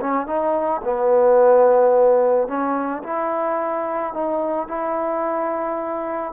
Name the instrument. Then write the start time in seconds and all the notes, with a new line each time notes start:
trombone
0.00 C#4
0.26 D#4
0.84 B3
2.47 C#4
3.03 E4
4.13 D#4
4.67 E4